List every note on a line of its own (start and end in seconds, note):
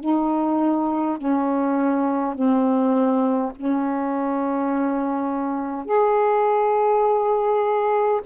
0.00 1.18 D#4
1.18 2.35 C#4
2.35 3.52 C4
3.56 5.86 C#4
5.86 8.21 G#4